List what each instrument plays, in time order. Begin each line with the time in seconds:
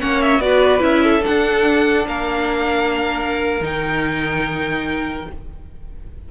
0.00 cello A#3, viola C#4, violin C#5 F#5
0.22 violin E5
0.39 cello B3, viola F#4, violin B4 D5
0.80 cello C#4, viola E4, violin E5
1.04 violin A4
1.23 viola D4, cello D4, violin F#5
2.06 cello A#3, violin A#4 F5
3.61 cello D#3, viola D#4, violin G5